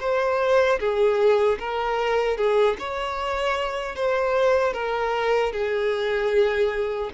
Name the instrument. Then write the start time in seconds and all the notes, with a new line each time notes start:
violin
0.00 C5
0.79 G#4
1.59 A#4
2.37 G#4
2.78 C#5
3.95 C5
4.73 A#4
5.52 G#4